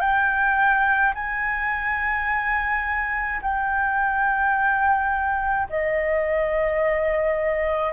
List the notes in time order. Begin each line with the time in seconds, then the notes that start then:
0.00 G5
1.15 G#5
3.42 G5
5.69 D#5